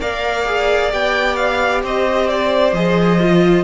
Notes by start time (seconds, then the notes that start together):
0.00 A#3 A#4 D5 F5
0.46 G#4
0.91 B3 G4 G5
1.36 F5
1.83 C4 C5 D#5
2.29 D5
2.73 F3 G#4 D#5
3.20 F4